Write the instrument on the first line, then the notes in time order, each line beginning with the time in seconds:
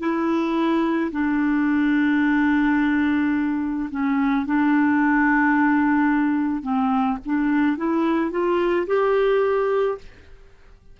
clarinet
0.00 E4
1.12 D4
3.91 C#4
4.46 D4
6.63 C4
7.25 D4
7.77 E4
8.31 F4
8.87 G4